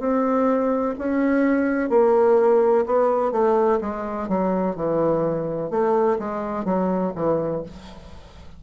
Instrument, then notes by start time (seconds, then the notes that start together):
bassoon
0.00 C4
0.99 C#4
1.90 A#3
2.86 B3
3.32 A3
3.81 G#3
4.29 F#3
4.76 E3
5.71 A3
6.19 G#3
6.65 F#3
7.16 E3